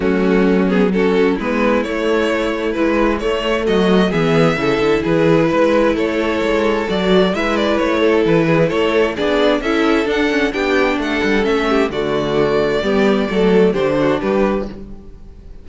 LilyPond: <<
  \new Staff \with { instrumentName = "violin" } { \time 4/4 \tempo 4 = 131 fis'4. gis'8 a'4 b'4 | cis''2 b'4 cis''4 | dis''4 e''2 b'4~ | b'4 cis''2 d''4 |
e''8 d''8 cis''4 b'4 cis''4 | d''4 e''4 fis''4 g''4 | fis''4 e''4 d''2~ | d''2 c''4 b'4 | }
  \new Staff \with { instrumentName = "violin" } { \time 4/4 cis'2 fis'4 e'4~ | e'1 | fis'4 gis'4 a'4 gis'4 | b'4 a'2. |
b'4. a'4 gis'8 a'4 | gis'4 a'2 g'4 | a'4. g'8 fis'2 | g'4 a'4 g'8 fis'8 g'4 | }
  \new Staff \with { instrumentName = "viola" } { \time 4/4 a4. b8 cis'4 b4 | a2 e4 a4~ | a4 b4 e'2~ | e'2. fis'4 |
e'1 | d'4 e'4 d'8 cis'8 d'4~ | d'4 cis'4 a2 | b4 a4 d'2 | }
  \new Staff \with { instrumentName = "cello" } { \time 4/4 fis2. gis4 | a2 gis4 a4 | fis4 e4 cis8 d8 e4 | gis4 a4 gis4 fis4 |
gis4 a4 e4 a4 | b4 cis'4 d'4 b4 | a8 g8 a4 d2 | g4 fis4 d4 g4 | }
>>